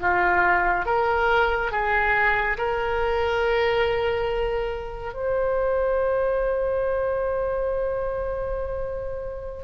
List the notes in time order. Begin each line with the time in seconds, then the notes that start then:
0.00 F4
0.86 A#4
1.71 G#4
2.58 A#4
5.14 C5